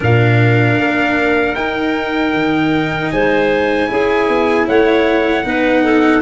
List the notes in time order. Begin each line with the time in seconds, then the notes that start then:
0.00 A#2 D4 A#4 F5
0.78 A#3
1.54 D#4 G5
2.33 D#3
3.10 G#3 C5 G#5
3.87 C#4 E4 G#4
4.28 B3
4.67 A3 C#5 F#5
5.44 B3 D#4 B4
5.84 A4